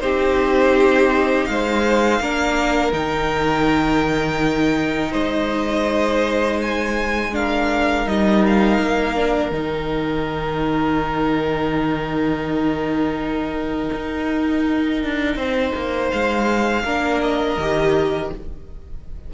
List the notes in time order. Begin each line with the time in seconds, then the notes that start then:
0.00 C4 D#4 G4 C5
1.45 G#3 C5 F5
2.20 A#3 D4 A#4
2.92 D#3 D#4 G5
5.11 G#3 C5 D#5
6.61 G#5
7.32 D4 A#4 F5
8.05 G3 D#4 D#5
8.46 F5
8.79 A#3
9.15 D4
9.50 D#3 D#4 G5
13.94 D#4
15.04 D4
15.35 C4 C5
15.75 A#3
16.10 G#3 F5
16.83 A#3 D4 A#4
17.22 D#5
17.57 D#3 G4